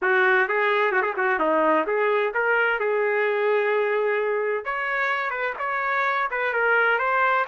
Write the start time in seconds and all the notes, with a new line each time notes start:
0.01 F#4
0.48 G#4
0.92 F#4
1.01 G#4
1.16 F#4
1.39 D#4
1.86 G#4
2.34 A#4
2.79 G#4
4.64 C#5
5.30 B4
5.59 C#5
6.30 B4
6.53 A#4
6.98 C5